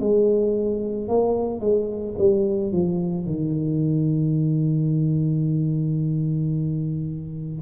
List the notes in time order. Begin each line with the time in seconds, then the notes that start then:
0.00 G#3
1.09 A#3
1.61 G#3
2.19 G3
2.73 F3
3.26 D#3